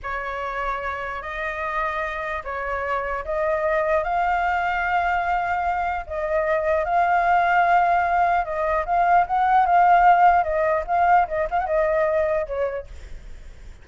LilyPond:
\new Staff \with { instrumentName = "flute" } { \time 4/4 \tempo 4 = 149 cis''2. dis''4~ | dis''2 cis''2 | dis''2 f''2~ | f''2. dis''4~ |
dis''4 f''2.~ | f''4 dis''4 f''4 fis''4 | f''2 dis''4 f''4 | dis''8 f''16 fis''16 dis''2 cis''4 | }